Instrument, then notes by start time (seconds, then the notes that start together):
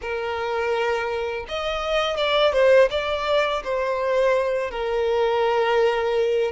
violin
0.01 A#4
1.48 D#5
2.17 D5
2.52 C5
2.90 D5
3.63 C5
4.71 A#4